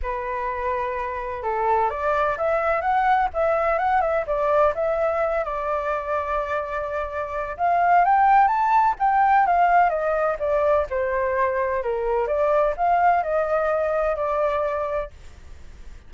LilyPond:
\new Staff \with { instrumentName = "flute" } { \time 4/4 \tempo 4 = 127 b'2. a'4 | d''4 e''4 fis''4 e''4 | fis''8 e''8 d''4 e''4. d''8~ | d''1 |
f''4 g''4 a''4 g''4 | f''4 dis''4 d''4 c''4~ | c''4 ais'4 d''4 f''4 | dis''2 d''2 | }